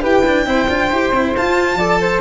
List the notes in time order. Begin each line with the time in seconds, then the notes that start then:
0.00 E4 G4 B4 G5
0.26 D4
0.46 C4 E4 C5
0.68 D4 F4
0.90 E4 G4
1.11 C4 E4
1.36 F4 A5
1.74 F3 A4 D5
2.01 C5